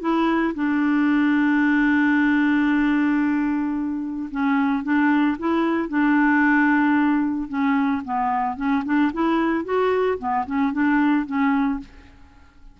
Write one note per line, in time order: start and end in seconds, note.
0.00 0.54 E4
0.55 4.30 D4
4.31 4.83 C#4
4.83 5.37 D4
5.39 5.89 E4
5.89 7.48 D4
7.48 8.02 C#4
8.05 8.57 B3
8.57 8.83 C#4
8.85 9.11 D4
9.13 9.65 E4
9.65 10.18 F#4
10.19 10.45 B3
10.46 10.72 C#4
10.72 11.26 D4
11.26 11.80 C#4